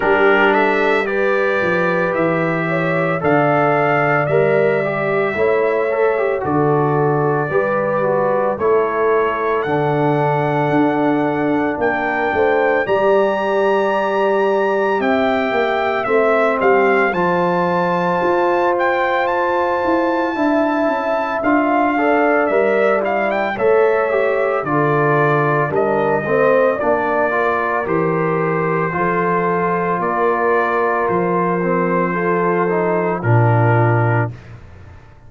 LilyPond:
<<
  \new Staff \with { instrumentName = "trumpet" } { \time 4/4 \tempo 4 = 56 ais'8 e''8 d''4 e''4 f''4 | e''2 d''2 | cis''4 fis''2 g''4 | ais''2 g''4 e''8 f''8 |
a''4. g''8 a''2 | f''4 e''8 f''16 g''16 e''4 d''4 | dis''4 d''4 c''2 | d''4 c''2 ais'4 | }
  \new Staff \with { instrumentName = "horn" } { \time 4/4 g'8 a'8 b'4. cis''8 d''4~ | d''4 cis''4 a'4 b'4 | a'2. ais'8 c''8 | d''2 e''4. g'8 |
c''2. e''4~ | e''8 d''4. cis''4 a'4 | ais'8 c''8 d''8 ais'4. a'4 | ais'2 a'4 f'4 | }
  \new Staff \with { instrumentName = "trombone" } { \time 4/4 d'4 g'2 a'4 | ais'8 g'8 e'8 a'16 g'16 fis'4 g'8 fis'8 | e'4 d'2. | g'2. c'4 |
f'2. e'4 | f'8 a'8 ais'8 e'8 a'8 g'8 f'4 | d'8 c'8 d'8 f'8 g'4 f'4~ | f'4. c'8 f'8 dis'8 d'4 | }
  \new Staff \with { instrumentName = "tuba" } { \time 4/4 g4. f8 e4 d4 | g4 a4 d4 g4 | a4 d4 d'4 ais8 a8 | g2 c'8 ais8 a8 g8 |
f4 f'4. e'8 d'8 cis'8 | d'4 g4 a4 d4 | g8 a8 ais4 e4 f4 | ais4 f2 ais,4 | }
>>